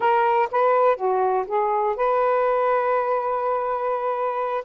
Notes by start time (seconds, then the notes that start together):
0.00 A#4
0.51 B4
0.96 F#4
1.47 G#4
1.96 B4